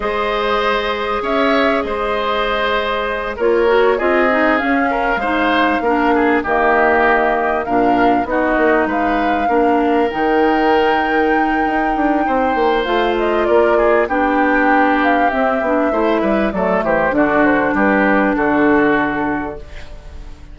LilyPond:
<<
  \new Staff \with { instrumentName = "flute" } { \time 4/4 \tempo 4 = 98 dis''2 e''4 dis''4~ | dis''4. cis''4 dis''4 f''8~ | f''2~ f''8 dis''4.~ | dis''8 f''4 dis''4 f''4.~ |
f''8 g''2.~ g''8~ | g''4 f''8 dis''8 d''4 g''4~ | g''8 f''8 e''2 d''8 c''8 | d''8 c''8 b'4 a'2 | }
  \new Staff \with { instrumentName = "oboe" } { \time 4/4 c''2 cis''4 c''4~ | c''4. ais'4 gis'4. | ais'8 c''4 ais'8 gis'8 g'4.~ | g'8 ais'4 fis'4 b'4 ais'8~ |
ais'1 | c''2 ais'8 gis'8 g'4~ | g'2 c''8 b'8 a'8 g'8 | fis'4 g'4 fis'2 | }
  \new Staff \with { instrumentName = "clarinet" } { \time 4/4 gis'1~ | gis'4. f'8 fis'8 f'8 dis'8 cis'8~ | cis'8 dis'4 d'4 ais4.~ | ais8 d'4 dis'2 d'8~ |
d'8 dis'2.~ dis'8~ | dis'4 f'2 d'4~ | d'4 c'8 d'8 e'4 a4 | d'1 | }
  \new Staff \with { instrumentName = "bassoon" } { \time 4/4 gis2 cis'4 gis4~ | gis4. ais4 c'4 cis'8~ | cis'8 gis4 ais4 dis4.~ | dis8 ais,4 b8 ais8 gis4 ais8~ |
ais8 dis2~ dis8 dis'8 d'8 | c'8 ais8 a4 ais4 b4~ | b4 c'8 b8 a8 g8 fis8 e8 | d4 g4 d2 | }
>>